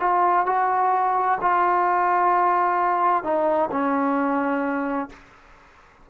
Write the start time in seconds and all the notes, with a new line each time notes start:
0.00 F4
0.46 F#4
1.41 F4
3.23 D#4
3.71 C#4